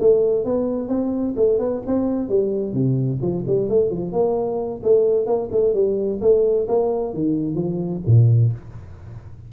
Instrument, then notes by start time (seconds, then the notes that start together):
tuba
0.00 A3
0.45 B3
0.89 C4
1.37 A3
1.59 B3
1.86 C4
2.29 G3
2.73 C3
3.21 F3
3.47 G3
3.69 A3
3.90 F3
4.12 A#3
4.83 A3
5.26 A#3
5.52 A3
5.74 G3
6.21 A3
6.68 A#3
7.14 D#3
7.55 F3
8.06 A#2